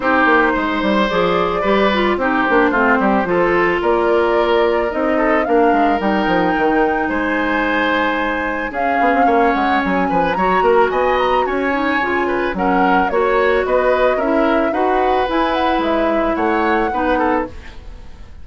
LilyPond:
<<
  \new Staff \with { instrumentName = "flute" } { \time 4/4 \tempo 4 = 110 c''2 d''2 | c''2. d''4~ | d''4 dis''4 f''4 g''4~ | g''4 gis''2. |
f''4. fis''8 gis''4 ais''4 | gis''8 ais''8 gis''2 fis''4 | cis''4 dis''4 e''4 fis''4 | gis''8 fis''8 e''4 fis''2 | }
  \new Staff \with { instrumentName = "oboe" } { \time 4/4 g'4 c''2 b'4 | g'4 f'8 g'8 a'4 ais'4~ | ais'4. a'8 ais'2~ | ais'4 c''2. |
gis'4 cis''4. b'8 cis''8 ais'8 | dis''4 cis''4. b'8 ais'4 | cis''4 b'4 ais'4 b'4~ | b'2 cis''4 b'8 a'8 | }
  \new Staff \with { instrumentName = "clarinet" } { \time 4/4 dis'2 gis'4 g'8 f'8 | dis'8 d'8 c'4 f'2~ | f'4 dis'4 d'4 dis'4~ | dis'1 |
cis'2. fis'4~ | fis'4. dis'8 f'4 cis'4 | fis'2 e'4 fis'4 | e'2. dis'4 | }
  \new Staff \with { instrumentName = "bassoon" } { \time 4/4 c'8 ais8 gis8 g8 f4 g4 | c'8 ais8 a8 g8 f4 ais4~ | ais4 c'4 ais8 gis8 g8 f8 | dis4 gis2. |
cis'8 b16 c'16 ais8 gis8 fis8 f8 fis8 ais8 | b4 cis'4 cis4 fis4 | ais4 b4 cis'4 dis'4 | e'4 gis4 a4 b4 | }
>>